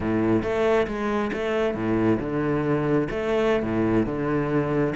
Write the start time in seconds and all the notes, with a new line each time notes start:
0.00 A2
0.42 A3
0.87 G#3
1.32 A3
1.74 A2
2.20 D3
3.10 A3
3.63 A2
4.06 D3